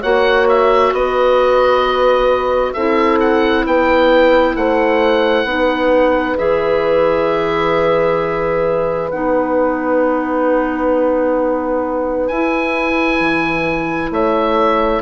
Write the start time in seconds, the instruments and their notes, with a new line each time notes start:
0.00 bassoon A#3, clarinet F#4, horn C#5, oboe F#5
0.48 oboe E5
0.92 bassoon B3, horn B4, oboe D#5
2.73 bassoon C4, clarinet E4, horn A4, oboe E5
3.20 oboe F#5
3.66 bassoon B3, horn B4, oboe G5
4.55 bassoon A3, horn C5, oboe F#5
5.44 bassoon B3, clarinet D#4, horn B4
6.37 bassoon E3, clarinet G#4, oboe E5
9.10 bassoon B3, clarinet D#4, oboe F#5
12.27 bassoon E4, clarinet E4, oboe G#5
13.20 bassoon E3
14.10 bassoon A3, horn C#5, oboe E5